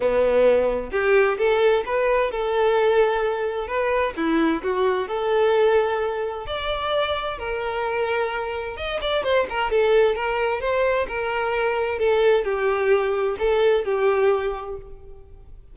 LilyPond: \new Staff \with { instrumentName = "violin" } { \time 4/4 \tempo 4 = 130 b2 g'4 a'4 | b'4 a'2. | b'4 e'4 fis'4 a'4~ | a'2 d''2 |
ais'2. dis''8 d''8 | c''8 ais'8 a'4 ais'4 c''4 | ais'2 a'4 g'4~ | g'4 a'4 g'2 | }